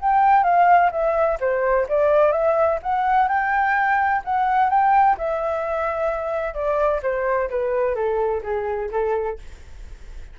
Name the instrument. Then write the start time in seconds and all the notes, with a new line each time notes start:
flute
0.00 G5
0.43 F5
0.91 E5
1.40 C5
1.89 D5
2.32 E5
2.82 F#5
3.28 G5
4.24 F#5
4.70 G5
5.18 E5
6.54 D5
7.02 C5
7.50 B4
7.95 A4
8.43 G#4
8.91 A4